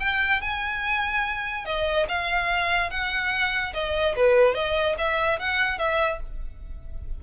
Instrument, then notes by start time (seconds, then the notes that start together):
violin
0.00 G5
0.41 G#5
1.65 D#5
2.08 F5
2.90 F#5
3.74 D#5
4.16 B4
4.54 D#5
4.98 E5
5.39 F#5
5.79 E5